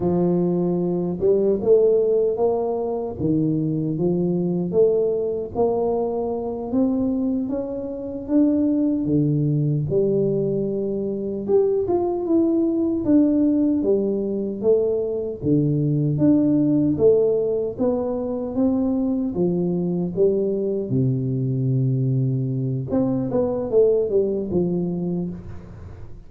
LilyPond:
\new Staff \with { instrumentName = "tuba" } { \time 4/4 \tempo 4 = 76 f4. g8 a4 ais4 | dis4 f4 a4 ais4~ | ais8 c'4 cis'4 d'4 d8~ | d8 g2 g'8 f'8 e'8~ |
e'8 d'4 g4 a4 d8~ | d8 d'4 a4 b4 c'8~ | c'8 f4 g4 c4.~ | c4 c'8 b8 a8 g8 f4 | }